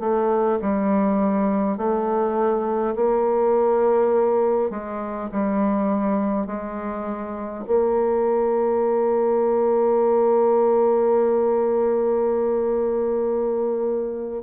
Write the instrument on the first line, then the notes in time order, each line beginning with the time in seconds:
bassoon
0.00 A3
0.61 G3
1.78 A3
2.96 A#3
4.71 G#3
5.32 G3
6.47 G#3
7.67 A#3